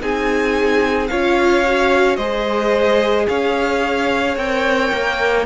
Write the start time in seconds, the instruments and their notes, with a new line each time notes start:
0.00 cello C4, viola D#4, violin G#4 G#5
1.07 cello C#4, viola F4, violin C#5 F5
1.66 viola F#4
2.16 cello G#3, viola G#4, violin C5 D#5
3.28 cello C#4, violin C#5 F5
4.36 cello C4, viola A#4, violin G5
4.92 cello A#3